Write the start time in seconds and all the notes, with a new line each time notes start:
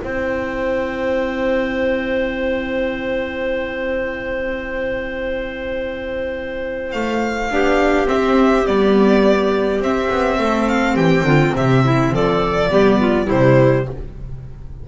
0.00 C4 E4 C5 G5
6.91 A3 F5
7.50 B3 D4 G4
8.06 C4 E5
8.65 G3 B3 D5
9.80 C4 E5
10.10 B3
10.38 A3 A4
10.68 F5
10.95 E3 G4 G5
11.23 D3 F4
11.55 C3 G4 E5
11.84 E4
12.11 F3 A4 D5
12.69 G3 B3 G4
13.00 F4
13.25 C3 G3 E4 C5